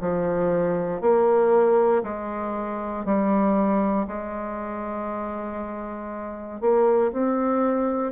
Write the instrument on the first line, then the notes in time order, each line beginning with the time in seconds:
bassoon
0.00 F3
1.01 A#3
2.03 G#3
3.05 G3
4.07 G#3
6.61 A#3
7.12 C4